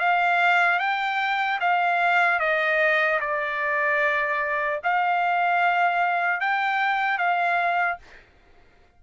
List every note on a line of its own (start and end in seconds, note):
0.00 0.80 F5
0.80 1.60 G5
1.61 2.40 F5
2.40 3.20 D#5
3.21 4.81 D5
4.84 6.41 F5
6.41 7.19 G5
7.19 7.99 F5